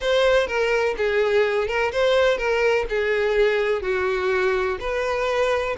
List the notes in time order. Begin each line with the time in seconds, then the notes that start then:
0.00 C5
0.47 A#4
0.97 G#4
1.67 A#4
1.92 C5
2.37 A#4
2.89 G#4
3.82 F#4
4.80 B4